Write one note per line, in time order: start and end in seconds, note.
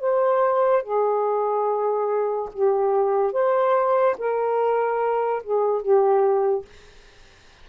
0.00 0.83 C5
0.83 2.49 G#4
2.53 3.33 G4
3.33 4.16 C5
4.18 5.43 A#4
5.43 5.82 G#4
5.82 6.65 G4